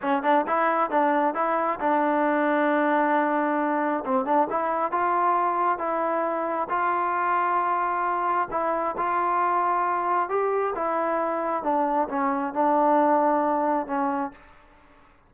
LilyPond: \new Staff \with { instrumentName = "trombone" } { \time 4/4 \tempo 4 = 134 cis'8 d'8 e'4 d'4 e'4 | d'1~ | d'4 c'8 d'8 e'4 f'4~ | f'4 e'2 f'4~ |
f'2. e'4 | f'2. g'4 | e'2 d'4 cis'4 | d'2. cis'4 | }